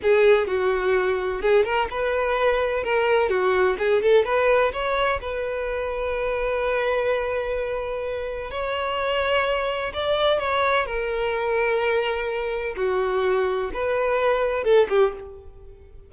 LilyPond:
\new Staff \with { instrumentName = "violin" } { \time 4/4 \tempo 4 = 127 gis'4 fis'2 gis'8 ais'8 | b'2 ais'4 fis'4 | gis'8 a'8 b'4 cis''4 b'4~ | b'1~ |
b'2 cis''2~ | cis''4 d''4 cis''4 ais'4~ | ais'2. fis'4~ | fis'4 b'2 a'8 g'8 | }